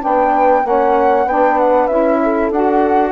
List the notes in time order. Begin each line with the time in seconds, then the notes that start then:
0.00 B3 D4 B4 G5
0.63 A#3 C#4 C#5 F#5
1.26 B3 D4 B4 G5
1.58 F#5
1.87 C#4 E4 E5
2.23 A4
2.51 D4 F#4 F#5